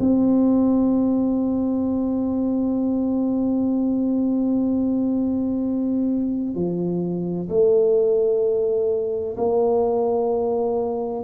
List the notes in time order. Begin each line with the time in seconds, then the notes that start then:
0.00 C4
6.55 F3
7.49 A3
9.37 A#3